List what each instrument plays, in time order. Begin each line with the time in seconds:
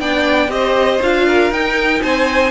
0.00 cello B3, viola D4, violin D5 G5
0.48 cello C4, viola G4, violin C5 D#5
1.02 cello D4, viola F4, violin F5
1.27 violin A#4
1.51 cello D#4, viola D#4, violin G5
2.02 cello C4, violin C5 G#5